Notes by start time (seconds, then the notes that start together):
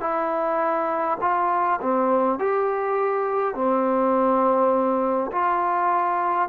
0.00 E4
1.20 F4
1.81 C4
2.39 G4
3.55 C4
5.32 F4